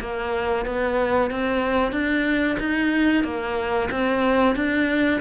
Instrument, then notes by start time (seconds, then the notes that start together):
cello
0.00 A#3
0.65 B3
1.30 C4
1.92 D4
2.59 D#4
3.24 A#3
3.90 C4
4.55 D4